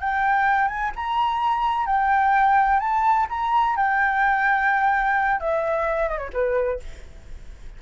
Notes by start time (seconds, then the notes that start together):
0.00 G5
0.68 G#5
0.96 A#5
1.86 G5
2.80 A5
3.29 A#5
3.76 G5
5.40 E5
6.09 D#5
6.17 C#5
6.33 B4